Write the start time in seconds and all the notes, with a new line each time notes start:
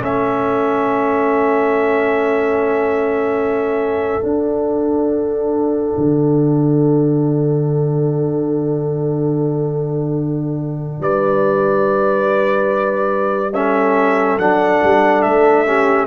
0.00 A3 C#4 A4 E5
4.21 D4 F#5
5.97 D3
11.00 G3 B4 D5
13.54 C#4 A4 E5
14.38 F#3 D4 F#5
14.83 G3
15.22 A3 E5
15.66 C#4 G4